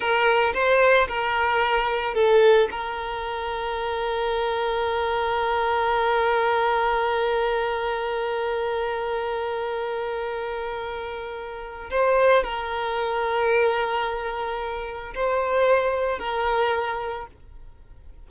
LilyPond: \new Staff \with { instrumentName = "violin" } { \time 4/4 \tempo 4 = 111 ais'4 c''4 ais'2 | a'4 ais'2.~ | ais'1~ | ais'1~ |
ais'1~ | ais'2 c''4 ais'4~ | ais'1 | c''2 ais'2 | }